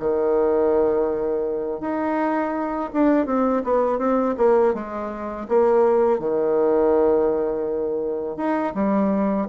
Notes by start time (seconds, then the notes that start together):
0.00 D#3
1.81 D#4
2.93 D4
3.26 C4
3.64 B3
3.99 C4
4.37 A#3
4.74 G#3
5.48 A#3
6.20 D#3
8.37 D#4
8.74 G3